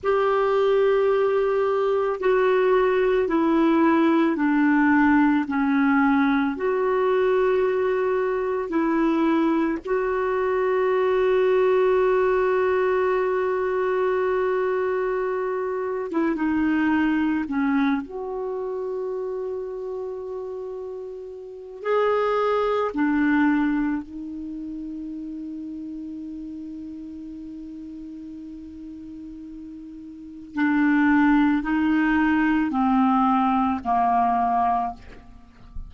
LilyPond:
\new Staff \with { instrumentName = "clarinet" } { \time 4/4 \tempo 4 = 55 g'2 fis'4 e'4 | d'4 cis'4 fis'2 | e'4 fis'2.~ | fis'2~ fis'8. e'16 dis'4 |
cis'8 fis'2.~ fis'8 | gis'4 d'4 dis'2~ | dis'1 | d'4 dis'4 c'4 ais4 | }